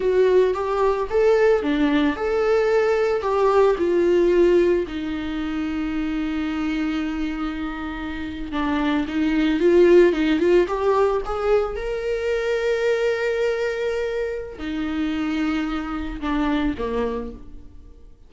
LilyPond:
\new Staff \with { instrumentName = "viola" } { \time 4/4 \tempo 4 = 111 fis'4 g'4 a'4 d'4 | a'2 g'4 f'4~ | f'4 dis'2.~ | dis'2.~ dis'8. d'16~ |
d'8. dis'4 f'4 dis'8 f'8 g'16~ | g'8. gis'4 ais'2~ ais'16~ | ais'2. dis'4~ | dis'2 d'4 ais4 | }